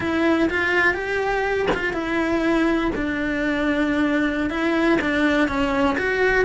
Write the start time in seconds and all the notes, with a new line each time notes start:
0.00 E4
0.50 F4
0.94 G4
1.74 F4
1.93 E4
2.95 D4
4.50 E4
5.01 D4
5.48 C#4
5.98 F#4